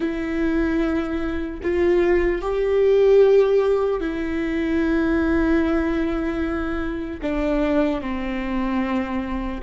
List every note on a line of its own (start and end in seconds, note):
0.00 1.60 E4
1.62 2.41 F4
2.41 4.00 G4
4.00 7.20 E4
7.22 8.01 D4
8.01 9.61 C4